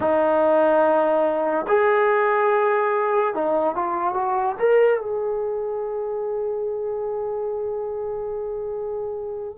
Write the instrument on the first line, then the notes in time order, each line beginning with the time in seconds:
trombone
0.00 D#4
1.67 G#4
3.34 D#4
3.75 F4
4.13 F#4
4.59 A#4
5.00 G#4